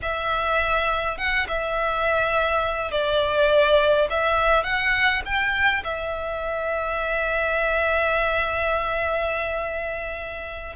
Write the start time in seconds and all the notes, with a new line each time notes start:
0.02 E5
1.17 F#5
1.47 E5
2.91 D5
4.09 E5
4.63 F#5
5.25 G5
5.84 E5